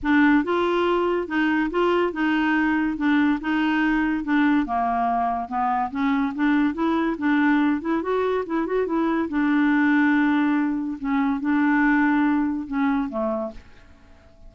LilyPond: \new Staff \with { instrumentName = "clarinet" } { \time 4/4 \tempo 4 = 142 d'4 f'2 dis'4 | f'4 dis'2 d'4 | dis'2 d'4 ais4~ | ais4 b4 cis'4 d'4 |
e'4 d'4. e'8 fis'4 | e'8 fis'8 e'4 d'2~ | d'2 cis'4 d'4~ | d'2 cis'4 a4 | }